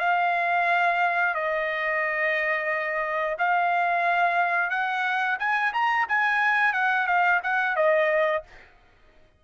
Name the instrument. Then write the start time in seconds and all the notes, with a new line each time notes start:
trumpet
0.00 F5
1.35 D#5
3.39 F5
4.70 F#5
5.39 G#5
5.73 A#5
6.09 G#5
6.74 F#5
7.07 F5
7.43 F#5
7.76 D#5